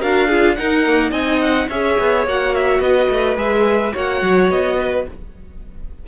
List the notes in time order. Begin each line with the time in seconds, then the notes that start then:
0.00 D4 F#4 A#4 F5
0.28 F4 G#4
0.56 D#4 A#4 F#5
0.87 A#3
1.11 C4 D#4 D#5 G#5
1.41 F#5
1.69 C#4 G#4 C#5 E5
1.99 B3
2.26 A#3 F#4 F#5
2.55 E5
2.80 B3 B4 D#5
3.09 A3
3.37 G#3 G#4 E5
3.93 A#3 F#4 C#5 F#5
4.22 F#3
4.50 B3 D#5
4.80 B4